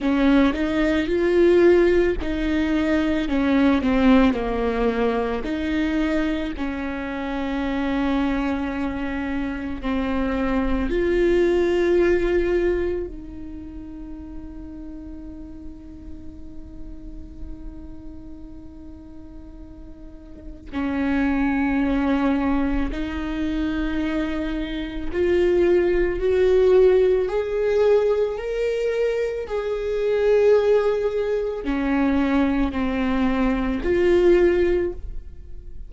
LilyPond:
\new Staff \with { instrumentName = "viola" } { \time 4/4 \tempo 4 = 55 cis'8 dis'8 f'4 dis'4 cis'8 c'8 | ais4 dis'4 cis'2~ | cis'4 c'4 f'2 | dis'1~ |
dis'2. cis'4~ | cis'4 dis'2 f'4 | fis'4 gis'4 ais'4 gis'4~ | gis'4 cis'4 c'4 f'4 | }